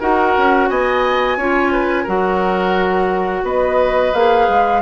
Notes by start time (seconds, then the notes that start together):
0.00 D#4 F#4 A#4 F#5
0.38 C#4
0.69 B3 D#5 G#5
1.37 C#4 F4 C#5
1.72 B4
2.03 F#3 F#4 A#4 F#5
3.43 B3 B4 D#5
4.14 A#3 G#4 F5
4.49 G#3